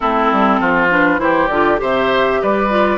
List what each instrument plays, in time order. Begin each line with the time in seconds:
0.00 bassoon A3, clarinet C4, oboe E4, flute A4
0.32 bassoon G3
0.60 bassoon F3, oboe F4
0.90 clarinet D4, flute B4
1.18 bassoon E3, clarinet E4, oboe G4, flute C5
1.48 bassoon D3, clarinet F4, flute D5
1.77 bassoon C3, clarinet G4, oboe C5, flute E5
2.42 bassoon G3, oboe B4, flute D5
2.69 clarinet F4